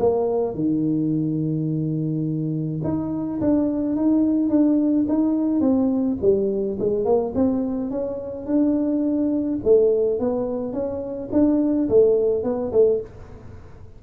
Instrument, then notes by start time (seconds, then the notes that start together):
tuba
0.00 A#3
0.55 D#3
2.84 D#4
3.41 D4
3.96 D#4
4.50 D4
5.09 D#4
5.61 C4
6.22 G3
6.80 G#3
7.05 A#3
7.35 C4
7.91 C#4
8.47 D4
9.64 A3
10.20 B3
10.73 C#4
11.33 D4
11.89 A3
12.44 B3
12.73 A3